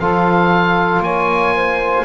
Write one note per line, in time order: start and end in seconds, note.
0.00 1.00 F3
0.00 2.06 F4
0.00 1.03 A4
0.00 1.03 F5
1.00 2.04 A#3
1.00 1.55 C#5
1.00 2.06 G#5
1.55 2.06 C5